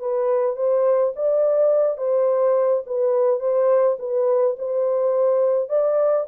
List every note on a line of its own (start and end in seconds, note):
0.00 0.57 B4
0.57 1.14 C5
1.16 1.98 D5
1.98 2.84 C5
2.86 3.40 B4
3.40 3.97 C5
3.99 4.57 B4
4.59 5.70 C5
5.70 6.27 D5